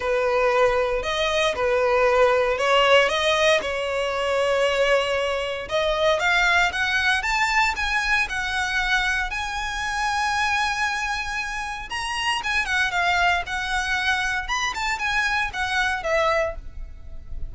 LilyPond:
\new Staff \with { instrumentName = "violin" } { \time 4/4 \tempo 4 = 116 b'2 dis''4 b'4~ | b'4 cis''4 dis''4 cis''4~ | cis''2. dis''4 | f''4 fis''4 a''4 gis''4 |
fis''2 gis''2~ | gis''2. ais''4 | gis''8 fis''8 f''4 fis''2 | b''8 a''8 gis''4 fis''4 e''4 | }